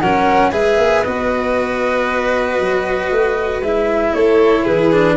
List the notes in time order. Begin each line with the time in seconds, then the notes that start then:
0.00 F#3 C#4 A#4 F#5
0.51 G#3 G#4 B4 E5
0.77 A#3
1.04 B3 F#4 D#5
2.59 F#3
3.11 A3
3.61 G#3 E4 E5
4.14 A3 A4 C#5
4.64 E3 G#4 B4
4.92 D4